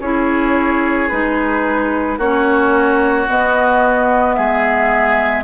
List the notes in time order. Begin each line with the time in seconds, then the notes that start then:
0.00 C#4 E4 G#4 C#5
1.09 G#3 D#4 B4
2.18 A#3 C#4 F#4 C#5
3.27 B3 D#5
4.34 G#3 G#4 E5